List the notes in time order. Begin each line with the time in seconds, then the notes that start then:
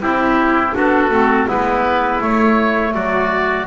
0.00 C4 E4 G4
0.72 B3 D4 F#4 A4
1.10 A3 C4
1.47 G#3 B3 E4 B4
2.20 A3 C#5
2.94 F#3 F#4 D5